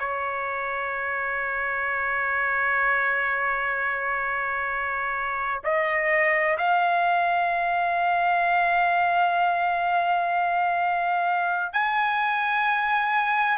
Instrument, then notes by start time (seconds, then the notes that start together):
trumpet
0.00 C#5
5.64 D#5
6.58 F5
11.74 G#5